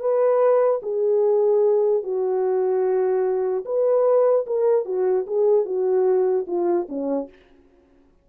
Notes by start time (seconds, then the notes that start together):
0.00 B4
0.83 G#4
2.03 F#4
3.65 B4
4.46 A#4
4.85 F#4
5.27 G#4
5.65 F#4
6.47 F4
6.89 C#4